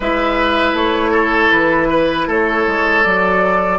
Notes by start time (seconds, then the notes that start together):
0.00 G#3 E4 B4 E5
0.73 A3 C#5
1.11 A4
1.51 E3 B4
1.90 B4
2.27 A3 A4 C#5
2.66 G#3
3.03 F#3 F#4 D5